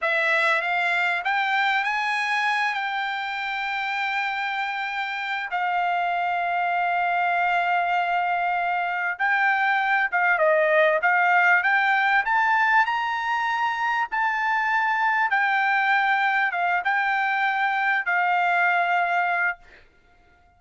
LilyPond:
\new Staff \with { instrumentName = "trumpet" } { \time 4/4 \tempo 4 = 98 e''4 f''4 g''4 gis''4~ | gis''8 g''2.~ g''8~ | g''4 f''2.~ | f''2. g''4~ |
g''8 f''8 dis''4 f''4 g''4 | a''4 ais''2 a''4~ | a''4 g''2 f''8 g''8~ | g''4. f''2~ f''8 | }